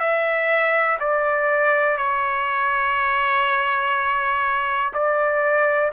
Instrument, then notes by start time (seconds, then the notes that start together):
trumpet
0.00 E5
1.00 D5
1.98 C#5
4.94 D5